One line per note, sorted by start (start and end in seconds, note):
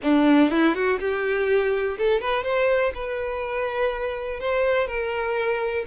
0.02 0.51 D4
0.51 0.74 E4
0.74 0.99 F#4
0.99 1.97 G4
1.98 2.20 A4
2.20 2.43 B4
2.43 2.92 C5
2.94 4.40 B4
4.40 4.87 C5
4.87 5.84 A#4